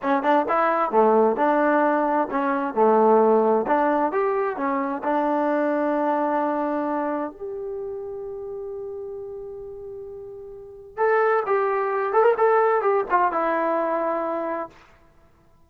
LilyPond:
\new Staff \with { instrumentName = "trombone" } { \time 4/4 \tempo 4 = 131 cis'8 d'8 e'4 a4 d'4~ | d'4 cis'4 a2 | d'4 g'4 cis'4 d'4~ | d'1 |
g'1~ | g'1 | a'4 g'4. a'16 ais'16 a'4 | g'8 f'8 e'2. | }